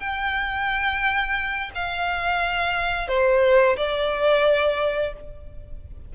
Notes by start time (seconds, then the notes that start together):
0.00 G5
1.75 F5
3.08 C5
3.77 D5